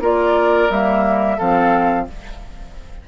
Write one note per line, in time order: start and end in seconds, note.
0.00 0.68 A#3
0.00 0.69 F4
0.00 1.37 A#4
0.00 0.71 D5
0.70 1.38 G3
0.70 1.39 A#3
0.70 1.39 E5
1.37 2.08 F3
1.37 2.07 C4
1.37 2.05 A4
1.37 2.07 F5